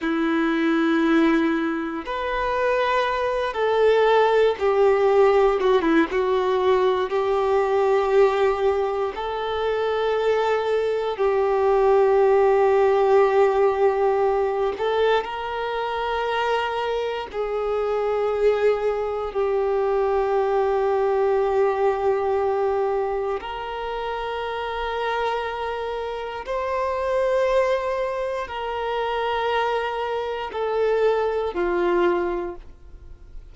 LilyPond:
\new Staff \with { instrumentName = "violin" } { \time 4/4 \tempo 4 = 59 e'2 b'4. a'8~ | a'8 g'4 fis'16 e'16 fis'4 g'4~ | g'4 a'2 g'4~ | g'2~ g'8 a'8 ais'4~ |
ais'4 gis'2 g'4~ | g'2. ais'4~ | ais'2 c''2 | ais'2 a'4 f'4 | }